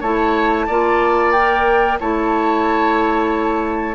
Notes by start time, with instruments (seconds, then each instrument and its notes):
0.00 bassoon A3, clarinet E4, oboe C#5, flute A5
0.67 bassoon A#3, clarinet F4, oboe D5
1.32 clarinet A#4, flute G5
2.00 bassoon A3, clarinet E4, oboe C#5, flute A5